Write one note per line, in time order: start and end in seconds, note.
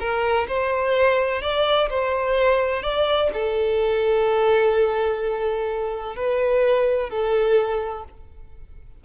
0.00 0.47 A#4
0.48 1.42 C5
1.42 1.89 D5
1.90 2.83 C5
2.83 3.30 D5
3.33 6.16 A4
6.16 7.10 B4
7.10 8.04 A4